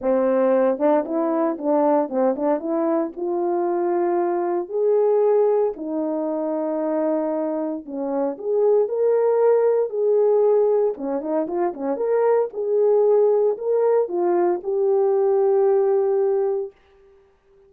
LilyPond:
\new Staff \with { instrumentName = "horn" } { \time 4/4 \tempo 4 = 115 c'4. d'8 e'4 d'4 | c'8 d'8 e'4 f'2~ | f'4 gis'2 dis'4~ | dis'2. cis'4 |
gis'4 ais'2 gis'4~ | gis'4 cis'8 dis'8 f'8 cis'8 ais'4 | gis'2 ais'4 f'4 | g'1 | }